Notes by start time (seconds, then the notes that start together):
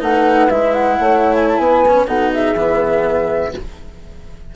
0.00 A3 D#4 B4 F#5
0.50 G#3 E4 E5
0.74 F#5
0.99 A3 C#5
1.35 G#5
1.48 A5
1.57 B3 B4 G#5
1.88 C#4
2.06 B2 D#4 A4 F#5
2.33 G#4 E5
2.55 E3 B3